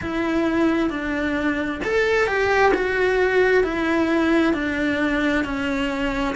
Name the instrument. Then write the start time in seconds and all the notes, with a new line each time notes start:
cello
0.01 E4
0.90 D4
1.83 A4
2.27 G4
2.74 F#4
3.63 E4
4.53 D4
5.44 C#4